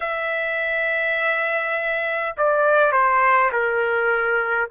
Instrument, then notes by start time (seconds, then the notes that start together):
trumpet
0.00 E5
2.37 D5
2.91 C5
3.52 A#4